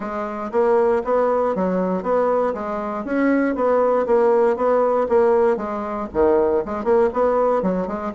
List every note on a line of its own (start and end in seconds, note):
0.00 0.51 G#3
0.51 1.02 A#3
1.04 1.55 B3
1.55 2.02 F#3
2.02 2.53 B3
2.54 3.04 G#3
3.04 3.55 C#4
3.55 4.06 B3
4.06 4.56 A#3
4.56 5.07 B3
5.08 5.57 A#3
5.57 6.07 G#3
6.13 6.64 D#3
6.65 6.84 G#3
6.84 7.09 A#3
7.13 7.62 B3
7.62 7.87 F#3
7.87 8.12 G#3